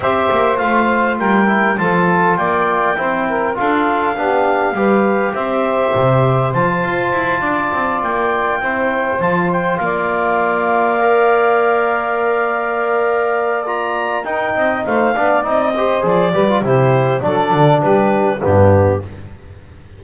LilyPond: <<
  \new Staff \with { instrumentName = "clarinet" } { \time 4/4 \tempo 4 = 101 e''4 f''4 g''4 a''4 | g''2 f''2~ | f''4 e''2 a''4~ | a''4. g''2 a''8 |
g''8 f''2.~ f''8~ | f''2. ais''4 | g''4 f''4 dis''4 d''4 | c''4 d''4 b'4 g'4 | }
  \new Staff \with { instrumentName = "saxophone" } { \time 4/4 c''2 ais'4 a'4 | d''4 c''8 ais'8 a'4 g'4 | b'4 c''2.~ | c''8 d''2 c''4.~ |
c''8 d''2.~ d''8~ | d''1 | ais'8 dis''8 c''8 d''4 c''4 b'8 | g'4 a'4 g'4 d'4 | }
  \new Staff \with { instrumentName = "trombone" } { \time 4/4 g'4 f'4. e'8 f'4~ | f'4 e'4 f'4 d'4 | g'2. f'4~ | f'2~ f'8 e'4 f'8~ |
f'2~ f'8 ais'4.~ | ais'2. f'4 | dis'4. d'8 dis'8 g'8 gis'8 g'16 f'16 | e'4 d'2 b4 | }
  \new Staff \with { instrumentName = "double bass" } { \time 4/4 c'8 ais8 a4 g4 f4 | ais4 c'4 d'4 b4 | g4 c'4 c4 f8 f'8 | e'8 d'8 c'8 ais4 c'4 f8~ |
f8 ais2.~ ais8~ | ais1 | dis'8 c'8 a8 b8 c'4 f8 g8 | c4 fis8 d8 g4 g,4 | }
>>